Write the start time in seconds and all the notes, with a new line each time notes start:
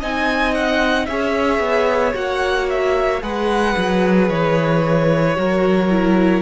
0.00 C4 D#4 D#5 G#5
0.55 F#5
1.06 C#4 G#4 C#5 E5
1.59 B3
2.14 A#3 F#4 F#5
2.70 E5
3.22 G#3 G#4 B4 F#5
3.77 F#3
4.29 E3 C#5
5.35 F#3 F#4 A#4
5.90 E4